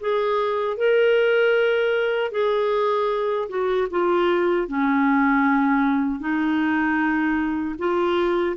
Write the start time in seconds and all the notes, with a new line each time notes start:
0.00 G#4
0.77 A#4
2.32 G#4
3.49 F#4
3.91 F4
4.68 C#4
6.20 D#4
7.79 F4